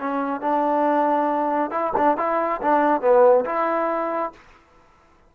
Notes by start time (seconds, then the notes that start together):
0.00 C#4
0.41 D4
1.71 E4
1.97 D4
2.18 E4
2.62 D4
3.02 B3
3.46 E4